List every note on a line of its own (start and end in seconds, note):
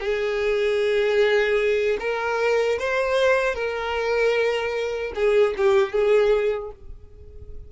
0.00 1.97 G#4
2.00 2.79 A#4
2.79 3.55 C5
3.55 5.12 A#4
5.15 5.55 G#4
5.57 5.92 G4
5.92 6.71 G#4